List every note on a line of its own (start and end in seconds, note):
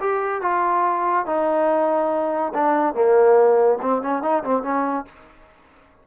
0.00 0.41 G4
0.41 1.26 F4
1.26 2.53 D#4
2.54 2.94 D4
2.94 3.79 A#3
3.81 4.02 C4
4.02 4.22 C#4
4.22 4.43 D#4
4.43 4.63 C4
4.63 5.05 C#4